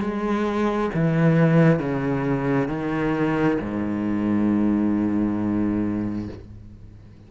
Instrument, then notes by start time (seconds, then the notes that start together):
cello
0.00 G#3
0.94 E3
1.79 C#3
2.67 D#3
3.60 G#2